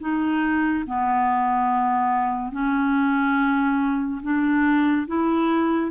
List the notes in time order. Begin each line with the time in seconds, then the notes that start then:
0.00 D#4
0.87 B3
2.52 C#4
4.22 D4
5.07 E4